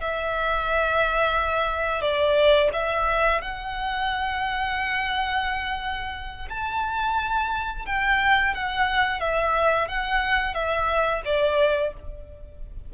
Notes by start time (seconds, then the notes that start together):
0.00 E5
2.01 D5
2.73 E5
3.41 F#5
6.49 A5
7.86 G5
8.54 F#5
9.20 E5
9.88 F#5
10.54 E5
11.25 D5